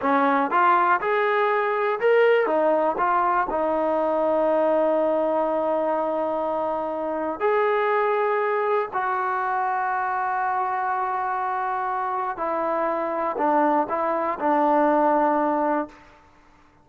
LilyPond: \new Staff \with { instrumentName = "trombone" } { \time 4/4 \tempo 4 = 121 cis'4 f'4 gis'2 | ais'4 dis'4 f'4 dis'4~ | dis'1~ | dis'2. gis'4~ |
gis'2 fis'2~ | fis'1~ | fis'4 e'2 d'4 | e'4 d'2. | }